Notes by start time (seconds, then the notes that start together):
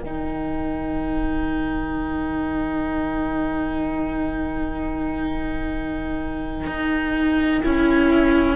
0.00 D#3 D#4 A#4 G5
6.67 D#4
7.63 C#4 E4